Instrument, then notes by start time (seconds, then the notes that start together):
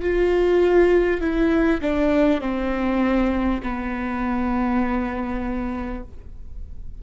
viola
0.00 F4
1.20 E4
1.81 D4
2.41 C4
3.62 B3